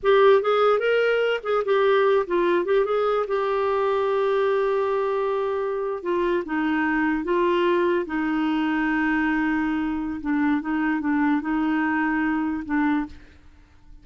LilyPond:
\new Staff \with { instrumentName = "clarinet" } { \time 4/4 \tempo 4 = 147 g'4 gis'4 ais'4. gis'8 | g'4. f'4 g'8 gis'4 | g'1~ | g'2~ g'8. f'4 dis'16~ |
dis'4.~ dis'16 f'2 dis'16~ | dis'1~ | dis'4 d'4 dis'4 d'4 | dis'2. d'4 | }